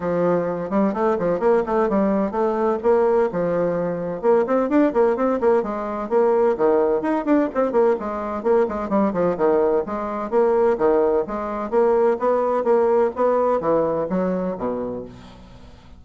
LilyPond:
\new Staff \with { instrumentName = "bassoon" } { \time 4/4 \tempo 4 = 128 f4. g8 a8 f8 ais8 a8 | g4 a4 ais4 f4~ | f4 ais8 c'8 d'8 ais8 c'8 ais8 | gis4 ais4 dis4 dis'8 d'8 |
c'8 ais8 gis4 ais8 gis8 g8 f8 | dis4 gis4 ais4 dis4 | gis4 ais4 b4 ais4 | b4 e4 fis4 b,4 | }